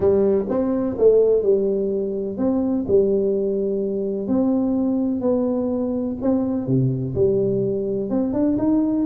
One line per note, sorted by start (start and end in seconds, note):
0.00 0.45 G3
0.49 0.96 C4
0.97 1.42 A3
1.42 2.37 G3
2.37 2.85 C4
2.87 4.27 G3
4.27 5.20 C4
5.20 6.16 B3
6.21 6.67 C4
6.67 7.14 C3
7.15 8.10 G3
8.10 8.33 C4
8.33 8.56 D4
8.58 9.05 D#4